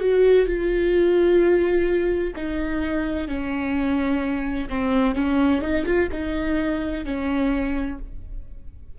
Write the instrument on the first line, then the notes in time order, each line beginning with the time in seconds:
viola
0.00 F#4
0.46 F4
2.36 D#4
3.28 C#4
4.69 C4
5.15 C#4
5.61 D#4
5.86 F4
6.12 D#4
7.05 C#4